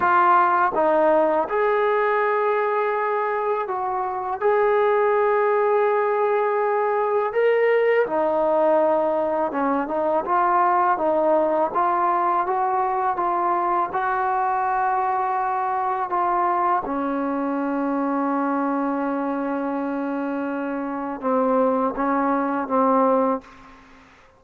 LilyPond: \new Staff \with { instrumentName = "trombone" } { \time 4/4 \tempo 4 = 82 f'4 dis'4 gis'2~ | gis'4 fis'4 gis'2~ | gis'2 ais'4 dis'4~ | dis'4 cis'8 dis'8 f'4 dis'4 |
f'4 fis'4 f'4 fis'4~ | fis'2 f'4 cis'4~ | cis'1~ | cis'4 c'4 cis'4 c'4 | }